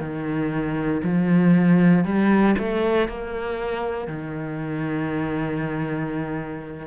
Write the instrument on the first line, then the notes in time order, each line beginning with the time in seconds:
cello
0.00 D#3
1.04 F3
2.05 G3
2.58 A3
3.08 A#3
4.08 D#3